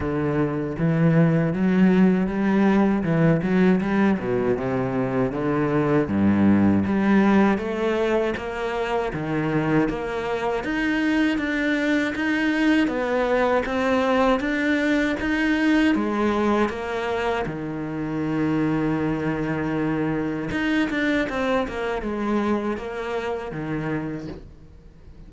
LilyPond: \new Staff \with { instrumentName = "cello" } { \time 4/4 \tempo 4 = 79 d4 e4 fis4 g4 | e8 fis8 g8 b,8 c4 d4 | g,4 g4 a4 ais4 | dis4 ais4 dis'4 d'4 |
dis'4 b4 c'4 d'4 | dis'4 gis4 ais4 dis4~ | dis2. dis'8 d'8 | c'8 ais8 gis4 ais4 dis4 | }